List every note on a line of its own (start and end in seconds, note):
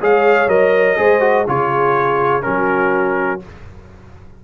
0.00 0.47 G#3
0.00 0.48 G#4
0.00 0.98 C#5
0.00 0.48 F5
0.47 0.96 F#3
0.47 0.97 A#4
0.47 1.46 D#5
0.97 1.47 G#3
0.97 1.20 G#4
0.97 1.46 C5
1.20 1.44 F#4
1.47 2.44 C#3
1.47 2.41 F4
1.47 2.45 G#4
1.47 2.42 C#5
2.41 3.43 F#3
2.41 3.39 C#4
2.41 3.44 F#4
2.41 3.40 A#4